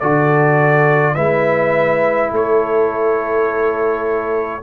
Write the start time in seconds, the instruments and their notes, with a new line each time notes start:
0.00 tuba D3, trombone F#4, horn A4, trumpet D5
1.15 tuba G#3, trombone E4, horn B4, trumpet E5
2.32 tuba A3, horn A4, trumpet C#5